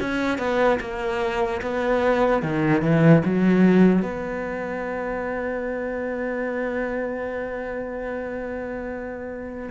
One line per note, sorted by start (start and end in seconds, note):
0.00 0.39 C#4
0.39 0.79 B3
0.80 1.61 A#3
1.62 2.43 B3
2.43 2.82 D#3
2.82 3.22 E3
3.25 4.02 F#3
4.02 9.70 B3